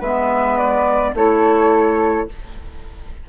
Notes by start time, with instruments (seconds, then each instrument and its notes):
0.00 bassoon G#3, clarinet B3, flute B4 E5
0.58 flute D5
1.15 bassoon A3, clarinet E4, flute A4 C#5